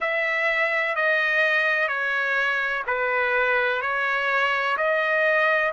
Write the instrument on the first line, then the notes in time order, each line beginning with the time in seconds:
trumpet
0.00 E5
0.95 D#5
1.87 C#5
2.86 B4
3.81 C#5
4.77 D#5